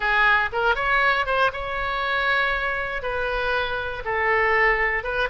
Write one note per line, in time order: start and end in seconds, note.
0.00 0.49 G#4
0.52 0.75 A#4
0.75 1.25 C#5
1.26 1.51 C5
1.52 3.02 C#5
3.02 4.03 B4
4.05 5.03 A4
5.03 5.28 B4